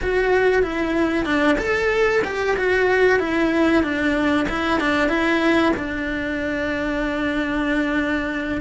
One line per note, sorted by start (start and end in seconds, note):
0.02 0.62 F#4
0.62 1.25 E4
1.25 1.57 D4
1.58 2.22 A4
2.24 2.56 G4
2.56 3.19 F#4
3.19 3.83 E4
3.83 4.47 D4
4.49 4.80 E4
4.80 5.08 D4
5.08 5.72 E4
5.76 8.61 D4